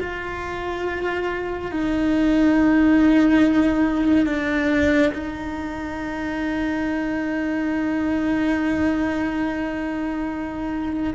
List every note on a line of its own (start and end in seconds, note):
0.00 1.71 F4
1.71 4.26 D#4
4.26 5.12 D4
5.14 11.14 D#4